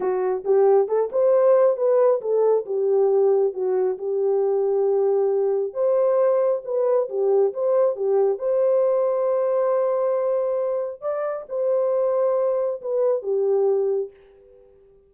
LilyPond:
\new Staff \with { instrumentName = "horn" } { \time 4/4 \tempo 4 = 136 fis'4 g'4 a'8 c''4. | b'4 a'4 g'2 | fis'4 g'2.~ | g'4 c''2 b'4 |
g'4 c''4 g'4 c''4~ | c''1~ | c''4 d''4 c''2~ | c''4 b'4 g'2 | }